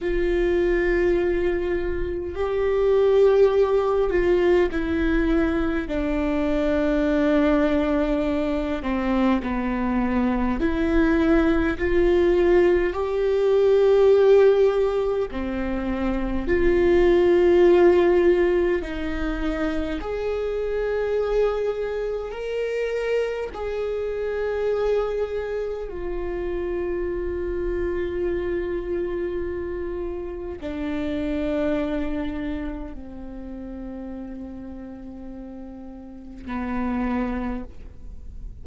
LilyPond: \new Staff \with { instrumentName = "viola" } { \time 4/4 \tempo 4 = 51 f'2 g'4. f'8 | e'4 d'2~ d'8 c'8 | b4 e'4 f'4 g'4~ | g'4 c'4 f'2 |
dis'4 gis'2 ais'4 | gis'2 f'2~ | f'2 d'2 | c'2. b4 | }